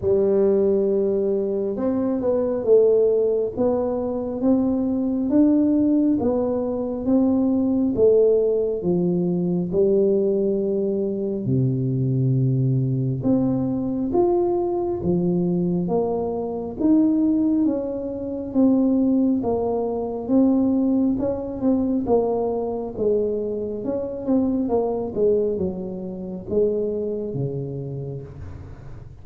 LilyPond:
\new Staff \with { instrumentName = "tuba" } { \time 4/4 \tempo 4 = 68 g2 c'8 b8 a4 | b4 c'4 d'4 b4 | c'4 a4 f4 g4~ | g4 c2 c'4 |
f'4 f4 ais4 dis'4 | cis'4 c'4 ais4 c'4 | cis'8 c'8 ais4 gis4 cis'8 c'8 | ais8 gis8 fis4 gis4 cis4 | }